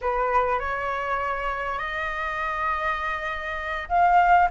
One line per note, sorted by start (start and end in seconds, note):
0.01 0.59 B4
0.59 1.78 C#5
1.78 3.88 D#5
3.88 4.48 F5